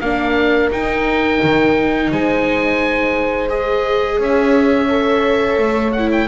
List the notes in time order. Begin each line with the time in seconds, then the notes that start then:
0.00 A#3 D4 A#4 F5
0.71 D#4 G5
1.43 D#3
2.11 G#3 C5 G#5
3.48 G#4 D#5
4.18 C#4 C#5 E5
4.89 A4
5.58 A3
5.92 F#5
5.98 E4
6.12 G5